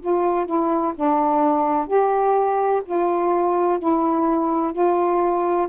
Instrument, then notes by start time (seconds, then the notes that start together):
saxophone
0.00 F4
0.46 E4
0.95 D4
1.87 G4
2.85 F4
3.79 E4
4.73 F4